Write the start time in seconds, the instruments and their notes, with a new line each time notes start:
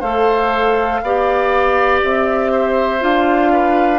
0.00 bassoon A3, clarinet A4, oboe C5, flute F5
1.02 bassoon B3, clarinet G4, oboe D5
2.03 bassoon C4, flute E5
2.52 oboe C5
3.00 bassoon D4, clarinet F4, flute F5
3.52 oboe B4